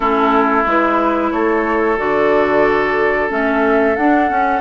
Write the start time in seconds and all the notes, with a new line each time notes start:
0.00 A3 C#4 E4 A4
0.65 G#3 E4 B4
1.31 A3 A4 C#5
1.97 D3 F#4 D5
3.29 A3 C#4 E5
3.96 D4 F#5
4.29 C#4